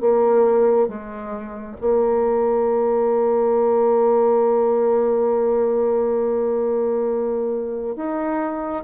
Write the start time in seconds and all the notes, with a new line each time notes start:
0.00 A#3
0.88 G#3
1.81 A#3
7.96 D#4